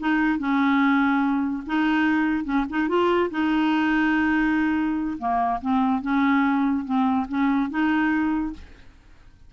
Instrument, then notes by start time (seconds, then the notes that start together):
clarinet
0.00 D#4
0.39 C#4
1.67 D#4
2.45 C#4
2.70 D#4
2.89 F4
3.30 D#4
5.19 A#3
5.62 C4
6.02 C#4
6.85 C4
7.29 C#4
7.70 D#4